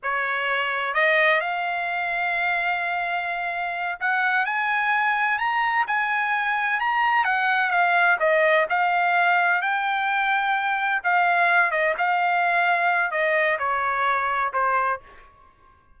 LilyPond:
\new Staff \with { instrumentName = "trumpet" } { \time 4/4 \tempo 4 = 128 cis''2 dis''4 f''4~ | f''1~ | f''8 fis''4 gis''2 ais''8~ | ais''8 gis''2 ais''4 fis''8~ |
fis''8 f''4 dis''4 f''4.~ | f''8 g''2. f''8~ | f''4 dis''8 f''2~ f''8 | dis''4 cis''2 c''4 | }